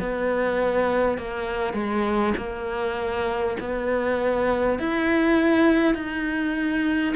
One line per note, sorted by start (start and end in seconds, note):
0.00 1.18 B3
1.18 1.74 A#3
1.74 2.34 G#3
2.38 3.58 A#3
3.61 4.79 B3
4.79 5.95 E4
5.95 7.15 D#4